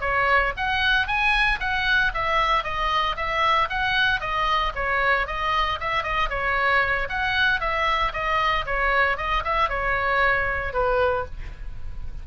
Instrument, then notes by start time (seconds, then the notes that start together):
oboe
0.00 C#5
0.56 F#5
1.07 G#5
1.60 F#5
2.14 E5
2.63 D#5
3.16 E5
3.69 F#5
4.20 D#5
4.75 C#5
5.26 D#5
5.79 E5
6.03 D#5
6.29 C#5
7.09 F#5
7.60 E5
8.12 D#5
8.66 C#5
9.17 D#5
9.44 E5
9.69 C#5
10.73 B4